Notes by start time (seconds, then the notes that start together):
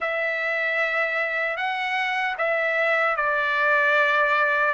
0.00 E5
1.56 F#5
2.38 E5
3.16 D5